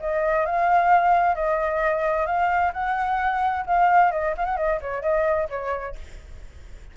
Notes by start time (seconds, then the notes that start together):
0.00 D#5
0.46 F5
1.35 D#5
2.26 F5
2.73 F#5
3.66 F5
4.12 D#5
4.37 F5
4.45 F#5
4.57 D#5
4.81 C#5
5.02 D#5
5.49 C#5